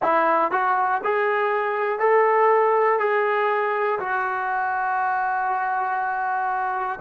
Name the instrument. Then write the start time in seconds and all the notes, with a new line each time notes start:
trombone
0.02 E4
0.51 F#4
1.04 G#4
1.99 A4
2.99 G#4
4.00 F#4